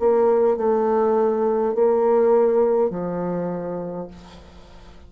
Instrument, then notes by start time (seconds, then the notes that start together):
bassoon
0.00 A#3
0.57 A3
1.74 A#3
2.90 F3